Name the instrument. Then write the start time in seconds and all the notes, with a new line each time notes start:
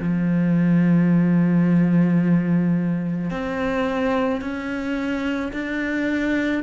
cello
0.00 F3
3.31 C4
4.41 C#4
5.53 D4